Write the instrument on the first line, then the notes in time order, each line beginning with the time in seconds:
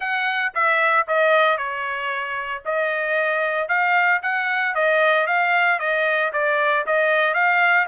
trumpet
0.00 F#5
0.54 E5
1.07 D#5
1.57 C#5
2.65 D#5
3.68 F5
4.22 F#5
4.74 D#5
5.26 F5
5.79 D#5
6.33 D5
6.86 D#5
7.33 F5